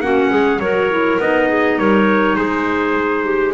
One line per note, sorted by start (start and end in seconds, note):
0.00 0.29 A#3
0.00 0.61 C#4
0.00 0.30 F#4
0.00 0.60 F#5
0.30 0.59 G#3
0.30 0.60 G#4
0.59 1.18 F#3
0.59 0.90 F#4
0.59 1.48 A#4
0.59 1.19 C#5
0.90 1.20 E4
1.19 1.78 B3
1.19 3.53 D#4
1.19 1.78 D#5
1.48 1.77 G#4
1.78 2.37 G3
1.78 2.37 A#4
1.78 2.36 C#5
2.36 3.53 G#3
2.36 3.24 G#4
2.36 3.53 C5
3.24 3.53 G4